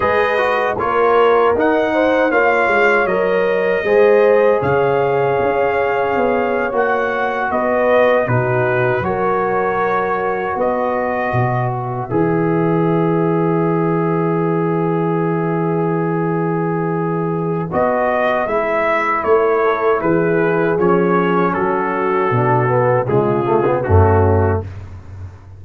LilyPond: <<
  \new Staff \with { instrumentName = "trumpet" } { \time 4/4 \tempo 4 = 78 dis''4 cis''4 fis''4 f''4 | dis''2 f''2~ | f''8. fis''4 dis''4 b'4 cis''16~ | cis''4.~ cis''16 dis''4. e''8.~ |
e''1~ | e''2. dis''4 | e''4 cis''4 b'4 cis''4 | a'2 gis'4 fis'4 | }
  \new Staff \with { instrumentName = "horn" } { \time 4/4 b'4 ais'4. c''8 cis''4~ | cis''4 c''4 cis''2~ | cis''4.~ cis''16 b'4 fis'4 ais'16~ | ais'4.~ ais'16 b'2~ b'16~ |
b'1~ | b'1~ | b'4. a'8 gis'2 | fis'2 f'4 cis'4 | }
  \new Staff \with { instrumentName = "trombone" } { \time 4/4 gis'8 fis'8 f'4 dis'4 f'4 | ais'4 gis'2.~ | gis'8. fis'2 dis'4 fis'16~ | fis'2.~ fis'8. gis'16~ |
gis'1~ | gis'2. fis'4 | e'2. cis'4~ | cis'4 d'8 b8 gis8 a16 b16 a4 | }
  \new Staff \with { instrumentName = "tuba" } { \time 4/4 gis4 ais4 dis'4 ais8 gis8 | fis4 gis4 cis4 cis'4 | b8. ais4 b4 b,4 fis16~ | fis4.~ fis16 b4 b,4 e16~ |
e1~ | e2. b4 | gis4 a4 e4 f4 | fis4 b,4 cis4 fis,4 | }
>>